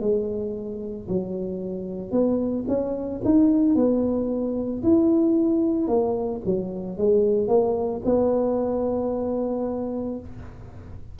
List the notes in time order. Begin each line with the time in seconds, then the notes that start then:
0.00 G#3
1.08 F#3
2.11 B3
2.68 C#4
3.24 D#4
3.75 B3
4.83 E4
5.88 A#3
6.45 F#3
6.97 G#3
7.48 A#3
8.05 B3